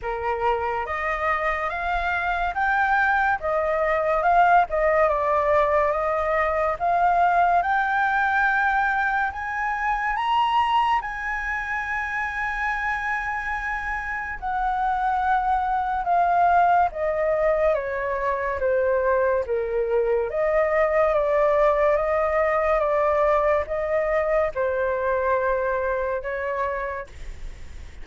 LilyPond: \new Staff \with { instrumentName = "flute" } { \time 4/4 \tempo 4 = 71 ais'4 dis''4 f''4 g''4 | dis''4 f''8 dis''8 d''4 dis''4 | f''4 g''2 gis''4 | ais''4 gis''2.~ |
gis''4 fis''2 f''4 | dis''4 cis''4 c''4 ais'4 | dis''4 d''4 dis''4 d''4 | dis''4 c''2 cis''4 | }